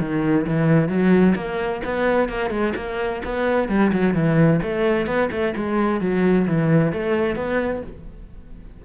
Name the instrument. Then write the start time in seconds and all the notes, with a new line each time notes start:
cello
0.00 D#3
0.47 E3
0.89 F#3
1.36 A#3
1.85 B3
2.29 A#3
2.50 G#3
2.76 A#3
3.25 B3
3.69 G3
3.93 F#3
4.14 E3
4.63 A3
5.07 B3
5.32 A3
5.56 G#3
6.01 F#3
6.47 E3
6.93 A3
7.36 B3